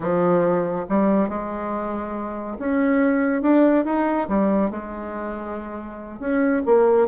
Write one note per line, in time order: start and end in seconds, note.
0.00 0.85 F3
0.89 1.29 G3
1.29 2.57 G#3
2.58 3.42 C#4
3.42 3.84 D4
3.84 4.27 D#4
4.28 4.70 G3
4.70 6.19 G#3
6.19 6.62 C#4
6.65 7.07 A#3